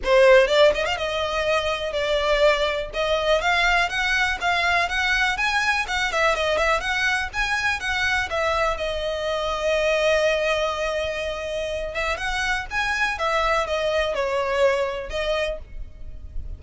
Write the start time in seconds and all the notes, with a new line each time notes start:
0.04 C5
0.47 D5
0.74 D#5
0.85 F5
0.97 D#5
1.92 D5
2.93 D#5
3.41 F5
3.89 F#5
4.41 F5
4.88 F#5
5.37 G#5
5.87 F#5
6.12 E5
6.35 D#5
6.57 E5
6.80 F#5
7.33 G#5
7.79 F#5
8.30 E5
8.77 D#5
11.94 E5
12.17 F#5
12.70 G#5
13.18 E5
13.66 D#5
14.14 C#5
15.09 D#5